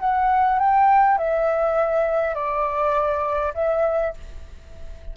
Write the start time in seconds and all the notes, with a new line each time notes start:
0.00 F#5
0.59 G5
1.18 E5
2.35 D5
3.55 E5